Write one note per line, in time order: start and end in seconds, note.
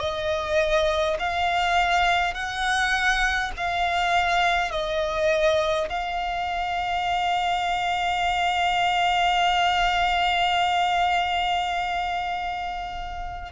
0.00 1.18 D#5
1.19 2.34 F5
2.34 3.52 F#5
3.57 4.72 F5
4.72 5.89 D#5
5.90 13.52 F5